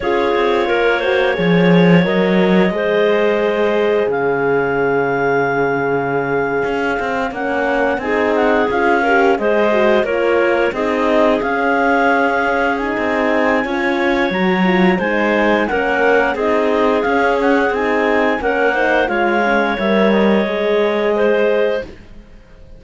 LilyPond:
<<
  \new Staff \with { instrumentName = "clarinet" } { \time 4/4 \tempo 4 = 88 cis''2. dis''4~ | dis''2 f''2~ | f''2~ f''8. fis''4 gis''16~ | gis''16 fis''8 f''4 dis''4 cis''4 dis''16~ |
dis''8. f''2 gis''4~ gis''16~ | gis''4 ais''4 gis''4 fis''4 | dis''4 f''8 fis''8 gis''4 fis''4 | f''4 e''8 dis''2~ dis''8 | }
  \new Staff \with { instrumentName = "clarinet" } { \time 4/4 gis'4 ais'8 c''8 cis''2 | c''2 cis''2~ | cis''2.~ cis''8. gis'16~ | gis'4~ gis'16 ais'8 c''4 ais'4 gis'16~ |
gis'1 | cis''2 c''4 ais'4 | gis'2. ais'8 c''8 | cis''2. c''4 | }
  \new Staff \with { instrumentName = "horn" } { \time 4/4 f'4. fis'8 gis'4 ais'4 | gis'1~ | gis'2~ gis'8. cis'4 dis'16~ | dis'8. f'8 g'8 gis'8 fis'8 f'4 dis'16~ |
dis'8. cis'2 dis'4~ dis'16 | f'4 fis'8 f'8 dis'4 cis'4 | dis'4 cis'4 dis'4 cis'8 dis'8 | f'8 cis'8 ais'4 gis'2 | }
  \new Staff \with { instrumentName = "cello" } { \time 4/4 cis'8 c'8 ais4 f4 fis4 | gis2 cis2~ | cis4.~ cis16 cis'8 c'8 ais4 c'16~ | c'8. cis'4 gis4 ais4 c'16~ |
c'8. cis'2~ cis'16 c'4 | cis'4 fis4 gis4 ais4 | c'4 cis'4 c'4 ais4 | gis4 g4 gis2 | }
>>